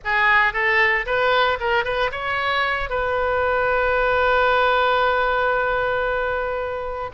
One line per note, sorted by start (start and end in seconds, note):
0.04 0.53 G#4
0.53 1.05 A4
1.06 1.58 B4
1.60 1.84 A#4
1.84 2.11 B4
2.11 2.89 C#5
2.89 7.10 B4